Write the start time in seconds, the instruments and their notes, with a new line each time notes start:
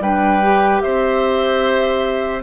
0.00 bassoon G3, clarinet D4, oboe B4, flute G5
0.42 clarinet G4
0.81 bassoon C4, oboe C5, flute E5